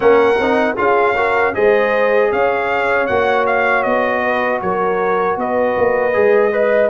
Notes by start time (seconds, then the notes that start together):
0.00 A#3 C#4 A#4 F#5
0.38 C4 D#4
0.76 C#4 F4 G#4 F5
1.15 F#4 A#4
1.54 G#3 G#4 C5 D#5
2.31 C#4 C#5 F5
3.06 A#3 F#4 F#5
3.46 F5
3.82 B3 D#5
4.22 B4
4.61 F#3 A#4 C#5
5.36 B3 B4 D#5
5.77 A#3
6.13 G#3 G#4
6.52 B4 D#5